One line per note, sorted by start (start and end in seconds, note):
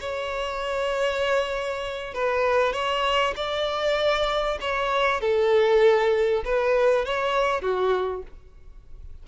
0.00 2.14 C#5
2.14 2.72 B4
2.72 3.34 C#5
3.36 4.58 D5
4.61 5.20 C#5
5.20 6.43 A4
6.45 7.05 B4
7.05 7.61 C#5
7.61 8.23 F#4